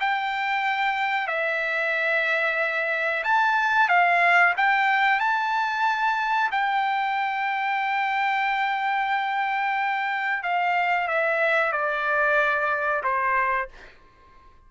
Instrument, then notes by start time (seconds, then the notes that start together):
trumpet
0.00 G5
1.27 E5
3.24 A5
3.88 F5
4.57 G5
5.20 A5
6.51 G5
10.43 F5
11.08 E5
11.72 D5
13.03 C5